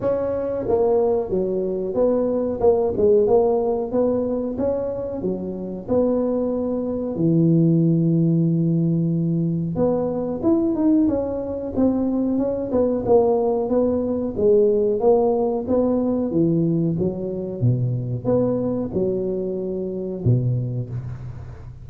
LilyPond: \new Staff \with { instrumentName = "tuba" } { \time 4/4 \tempo 4 = 92 cis'4 ais4 fis4 b4 | ais8 gis8 ais4 b4 cis'4 | fis4 b2 e4~ | e2. b4 |
e'8 dis'8 cis'4 c'4 cis'8 b8 | ais4 b4 gis4 ais4 | b4 e4 fis4 b,4 | b4 fis2 b,4 | }